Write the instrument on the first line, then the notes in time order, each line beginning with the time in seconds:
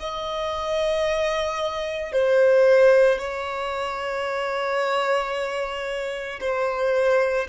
violin
0.00 D#5
2.13 C5
3.19 C#5
6.40 C5